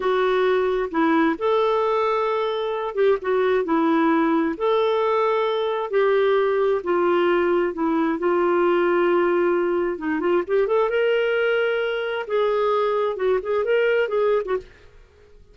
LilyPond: \new Staff \with { instrumentName = "clarinet" } { \time 4/4 \tempo 4 = 132 fis'2 e'4 a'4~ | a'2~ a'8 g'8 fis'4 | e'2 a'2~ | a'4 g'2 f'4~ |
f'4 e'4 f'2~ | f'2 dis'8 f'8 g'8 a'8 | ais'2. gis'4~ | gis'4 fis'8 gis'8 ais'4 gis'8. fis'16 | }